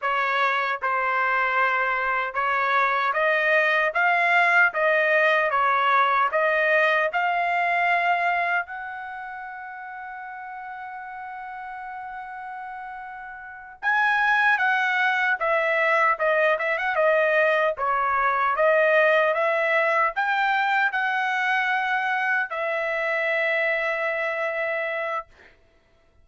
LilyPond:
\new Staff \with { instrumentName = "trumpet" } { \time 4/4 \tempo 4 = 76 cis''4 c''2 cis''4 | dis''4 f''4 dis''4 cis''4 | dis''4 f''2 fis''4~ | fis''1~ |
fis''4. gis''4 fis''4 e''8~ | e''8 dis''8 e''16 fis''16 dis''4 cis''4 dis''8~ | dis''8 e''4 g''4 fis''4.~ | fis''8 e''2.~ e''8 | }